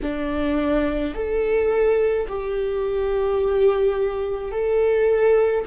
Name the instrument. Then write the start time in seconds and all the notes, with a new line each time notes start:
viola
0.02 D4
1.14 A4
2.28 G4
4.51 A4